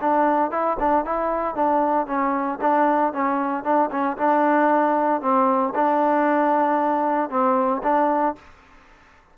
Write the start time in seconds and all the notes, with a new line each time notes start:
0.00 D4
0.51 E4
0.79 D4
1.05 E4
1.55 D4
2.06 C#4
2.61 D4
3.13 C#4
3.63 D4
3.91 C#4
4.17 D4
5.21 C4
5.75 D4
7.29 C4
7.83 D4